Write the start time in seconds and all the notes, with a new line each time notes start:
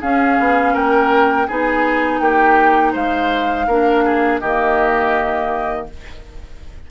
0.00 C#4 G#4 F5
0.39 B3
0.73 A#3 A#4 G5
1.47 B3 D#4 G#4 G#5
2.19 A#3 G4 G5
2.92 G#3 C5 F5
3.67 A#3 D4 A#4
4.04 G#4
4.39 D#3 A#3 G4 D#5